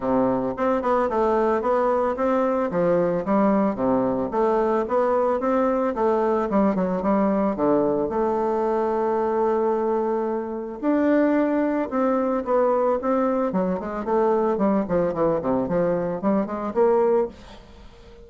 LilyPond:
\new Staff \with { instrumentName = "bassoon" } { \time 4/4 \tempo 4 = 111 c4 c'8 b8 a4 b4 | c'4 f4 g4 c4 | a4 b4 c'4 a4 | g8 fis8 g4 d4 a4~ |
a1 | d'2 c'4 b4 | c'4 fis8 gis8 a4 g8 f8 | e8 c8 f4 g8 gis8 ais4 | }